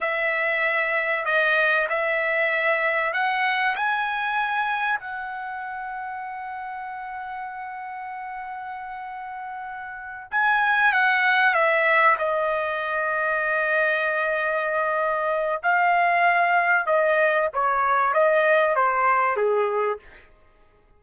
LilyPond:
\new Staff \with { instrumentName = "trumpet" } { \time 4/4 \tempo 4 = 96 e''2 dis''4 e''4~ | e''4 fis''4 gis''2 | fis''1~ | fis''1~ |
fis''8 gis''4 fis''4 e''4 dis''8~ | dis''1~ | dis''4 f''2 dis''4 | cis''4 dis''4 c''4 gis'4 | }